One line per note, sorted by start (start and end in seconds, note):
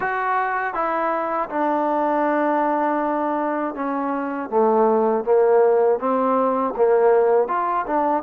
0.00 0.74 F#4
0.74 1.49 E4
1.49 3.74 D4
3.74 4.49 C#4
4.49 5.24 A3
5.24 5.99 A#3
5.99 6.74 C4
6.76 7.48 A#3
7.48 7.85 F4
7.86 8.23 D4